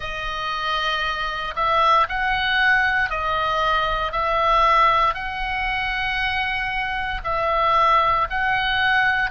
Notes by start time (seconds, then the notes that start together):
0.00 D#5
1.55 E5
2.08 F#5
3.10 D#5
4.11 E5
5.14 F#5
7.24 E5
8.30 F#5